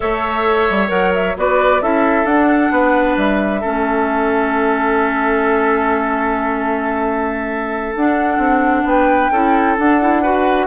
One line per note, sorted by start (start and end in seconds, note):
0.00 0.70 A3
0.00 0.88 A4
0.00 1.37 C#5
0.00 0.89 E5
0.70 0.90 G3
0.88 1.35 F#3
0.88 1.33 A#4
0.88 1.12 F#5
1.14 1.36 E5
1.36 1.81 B3
1.36 1.81 F#4
1.36 1.82 B4
1.36 1.82 D5
1.81 2.24 C#4
1.81 2.26 E4
1.81 2.73 A4
1.81 2.25 E5
2.24 2.70 D4
2.24 3.62 D4
2.24 3.16 F#5
2.71 3.16 B3
2.71 3.60 B4
3.17 3.62 G3
3.17 7.95 E5
3.60 7.95 A3
3.60 7.94 C#4
3.60 8.83 A4
7.95 8.38 D4
7.95 9.33 D4
7.95 8.86 F#5
8.38 8.83 C4
8.84 9.29 B3
8.84 9.32 B4
8.84 9.77 G5
9.31 9.77 C#4
9.31 9.77 E4
9.31 10.22 A4
9.77 10.00 D4
9.77 10.66 D4
9.77 10.66 F#5
10.01 10.23 E4
10.22 10.66 F#4
10.22 10.66 B4